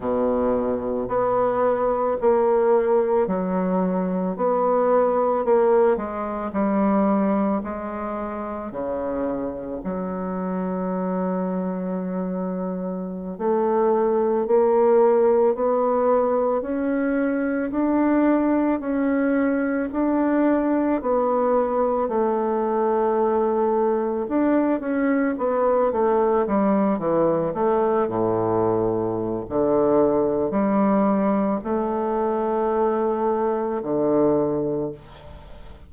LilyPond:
\new Staff \with { instrumentName = "bassoon" } { \time 4/4 \tempo 4 = 55 b,4 b4 ais4 fis4 | b4 ais8 gis8 g4 gis4 | cis4 fis2.~ | fis16 a4 ais4 b4 cis'8.~ |
cis'16 d'4 cis'4 d'4 b8.~ | b16 a2 d'8 cis'8 b8 a16~ | a16 g8 e8 a8 a,4~ a,16 d4 | g4 a2 d4 | }